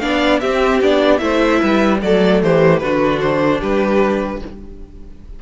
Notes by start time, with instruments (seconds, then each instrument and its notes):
0.00 cello B3, viola D4, violin D5 F5
0.40 cello C4, viola C4, violin G4 E5
0.82 cello B3, viola D4, violin D5
1.19 cello A3, viola E4, violin C5 E5
1.61 cello G3, violin B4
2.02 cello F#3, viola A3, violin A4 D5
2.43 cello E3, violin G4 C5
2.80 cello D3, viola D4, violin F#4 B4
3.21 violin C5
3.60 cello G3, violin G4 B4